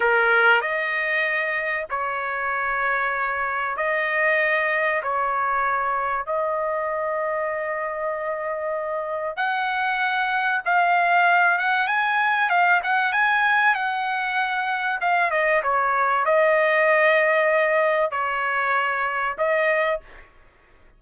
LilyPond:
\new Staff \with { instrumentName = "trumpet" } { \time 4/4 \tempo 4 = 96 ais'4 dis''2 cis''4~ | cis''2 dis''2 | cis''2 dis''2~ | dis''2. fis''4~ |
fis''4 f''4. fis''8 gis''4 | f''8 fis''8 gis''4 fis''2 | f''8 dis''8 cis''4 dis''2~ | dis''4 cis''2 dis''4 | }